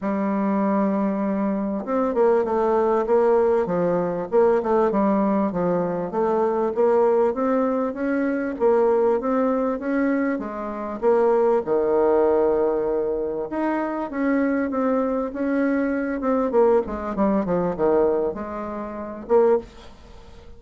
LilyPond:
\new Staff \with { instrumentName = "bassoon" } { \time 4/4 \tempo 4 = 98 g2. c'8 ais8 | a4 ais4 f4 ais8 a8 | g4 f4 a4 ais4 | c'4 cis'4 ais4 c'4 |
cis'4 gis4 ais4 dis4~ | dis2 dis'4 cis'4 | c'4 cis'4. c'8 ais8 gis8 | g8 f8 dis4 gis4. ais8 | }